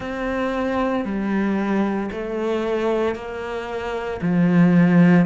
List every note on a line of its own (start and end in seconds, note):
0.00 1.04 C4
1.04 2.10 G3
2.11 3.15 A3
3.15 4.20 A#3
4.21 5.25 F3